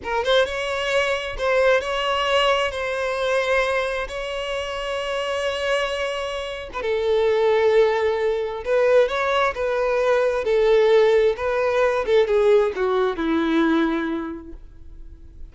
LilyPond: \new Staff \with { instrumentName = "violin" } { \time 4/4 \tempo 4 = 132 ais'8 c''8 cis''2 c''4 | cis''2 c''2~ | c''4 cis''2.~ | cis''2~ cis''8. b'16 a'4~ |
a'2. b'4 | cis''4 b'2 a'4~ | a'4 b'4. a'8 gis'4 | fis'4 e'2. | }